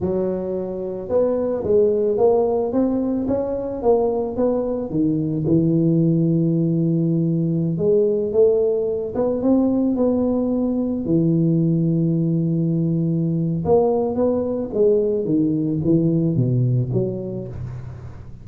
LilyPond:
\new Staff \with { instrumentName = "tuba" } { \time 4/4 \tempo 4 = 110 fis2 b4 gis4 | ais4 c'4 cis'4 ais4 | b4 dis4 e2~ | e2~ e16 gis4 a8.~ |
a8. b8 c'4 b4.~ b16~ | b16 e2.~ e8.~ | e4 ais4 b4 gis4 | dis4 e4 b,4 fis4 | }